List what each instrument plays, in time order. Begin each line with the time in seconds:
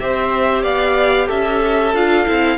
0.00 cello C4, viola G4, violin C5 E5
0.62 cello B3, violin D5 F5
1.26 cello C#4, violin A4 E5
1.94 cello D4, viola F4, violin F5
2.26 cello C4, viola E4